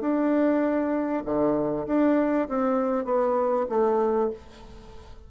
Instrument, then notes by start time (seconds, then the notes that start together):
bassoon
0.00 D4
1.25 D3
1.86 D4
2.48 C4
3.05 B3
3.69 A3